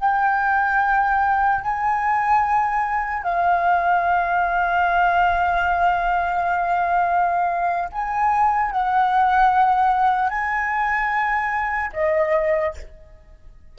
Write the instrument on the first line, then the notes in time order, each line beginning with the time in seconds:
flute
0.00 G5
1.62 G#5
3.23 F5
7.92 G#5
8.71 F#5
10.29 G#5
11.93 D#5